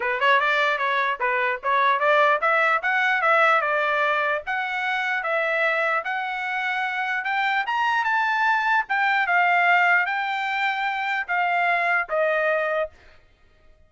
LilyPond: \new Staff \with { instrumentName = "trumpet" } { \time 4/4 \tempo 4 = 149 b'8 cis''8 d''4 cis''4 b'4 | cis''4 d''4 e''4 fis''4 | e''4 d''2 fis''4~ | fis''4 e''2 fis''4~ |
fis''2 g''4 ais''4 | a''2 g''4 f''4~ | f''4 g''2. | f''2 dis''2 | }